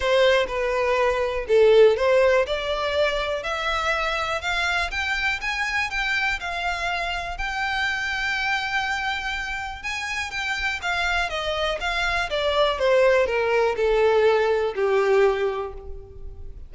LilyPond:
\new Staff \with { instrumentName = "violin" } { \time 4/4 \tempo 4 = 122 c''4 b'2 a'4 | c''4 d''2 e''4~ | e''4 f''4 g''4 gis''4 | g''4 f''2 g''4~ |
g''1 | gis''4 g''4 f''4 dis''4 | f''4 d''4 c''4 ais'4 | a'2 g'2 | }